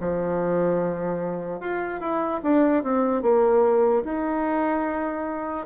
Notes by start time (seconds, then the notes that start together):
0.00 F3
1.60 F4
2.00 E4
2.43 D4
2.83 C4
3.22 A#3
4.04 D#4